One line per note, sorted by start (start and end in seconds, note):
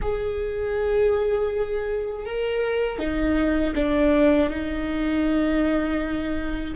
0.01 2.25 G#4
2.25 2.99 A#4
2.99 3.74 D#4
3.74 4.49 D4
4.49 6.74 D#4